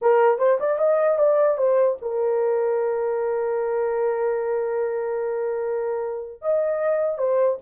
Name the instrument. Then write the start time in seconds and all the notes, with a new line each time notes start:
horn
0.01 A#4
0.38 C5
0.59 D5
0.78 D#5
1.18 D5
1.57 C5
2.01 A#4
6.41 D#5
7.17 C5